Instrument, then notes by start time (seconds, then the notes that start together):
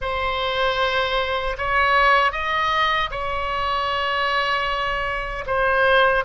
oboe
0.01 C5
1.57 C#5
2.32 D#5
3.11 C#5
5.46 C5